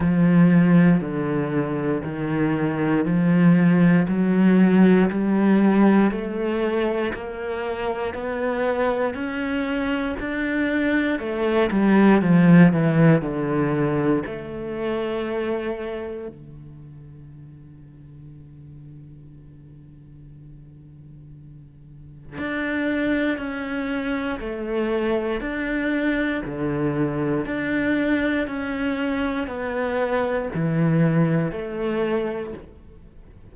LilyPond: \new Staff \with { instrumentName = "cello" } { \time 4/4 \tempo 4 = 59 f4 d4 dis4 f4 | fis4 g4 a4 ais4 | b4 cis'4 d'4 a8 g8 | f8 e8 d4 a2 |
d1~ | d2 d'4 cis'4 | a4 d'4 d4 d'4 | cis'4 b4 e4 a4 | }